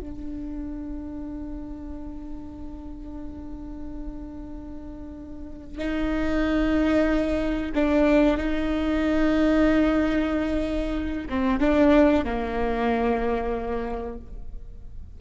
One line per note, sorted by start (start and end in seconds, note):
0.00 5.78 D4
5.78 7.72 D#4
7.75 8.38 D4
8.38 11.28 D#4
11.29 11.60 C4
11.60 12.25 D4
12.25 14.18 A#3